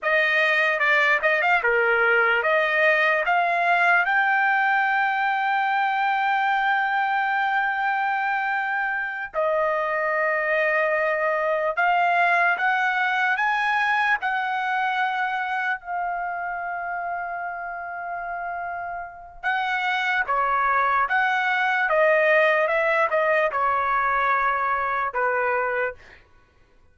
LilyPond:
\new Staff \with { instrumentName = "trumpet" } { \time 4/4 \tempo 4 = 74 dis''4 d''8 dis''16 f''16 ais'4 dis''4 | f''4 g''2.~ | g''2.~ g''8 dis''8~ | dis''2~ dis''8 f''4 fis''8~ |
fis''8 gis''4 fis''2 f''8~ | f''1 | fis''4 cis''4 fis''4 dis''4 | e''8 dis''8 cis''2 b'4 | }